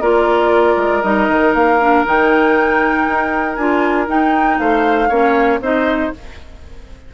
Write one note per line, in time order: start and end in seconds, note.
0.00 0.76 A#3
0.00 1.03 F4
0.00 4.59 A#4
0.00 1.02 D5
0.76 1.02 G#3
1.02 1.28 G3
1.02 1.79 D#4
1.02 1.53 D#5
1.28 1.54 D#3
1.54 2.05 A#3
1.54 2.05 F5
1.80 2.05 D4
2.05 3.07 D#3
2.05 3.58 D#4
2.05 3.55 G5
3.07 3.57 D#4
3.55 4.08 D4
3.55 4.07 F4
3.55 4.06 G#5
4.07 5.09 D#4
4.07 4.59 D#4
4.07 4.59 G5
4.59 5.10 A3
4.59 5.09 C5
4.59 5.60 F5
5.09 5.60 A#3
5.09 5.61 C#4
5.09 5.59 C#5
5.60 6.11 C4
5.60 6.13 D#4
5.60 6.13 C5
5.60 6.14 D#5